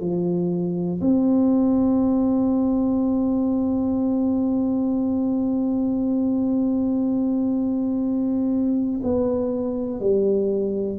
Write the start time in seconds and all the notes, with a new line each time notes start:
0.00 F3
1.00 C4
9.03 B3
10.00 G3